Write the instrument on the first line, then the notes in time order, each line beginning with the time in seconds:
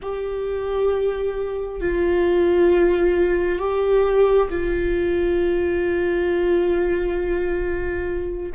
viola
0.02 G4
1.80 F4
3.58 G4
4.49 F4